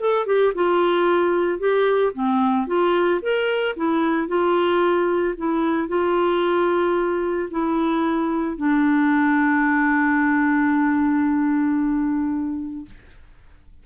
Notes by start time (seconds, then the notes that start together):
0.00 A4
0.26 G4
0.55 F4
1.59 G4
2.13 C4
2.67 F4
3.22 A#4
3.76 E4
4.28 F4
5.37 E4
5.88 F4
7.50 E4
8.57 D4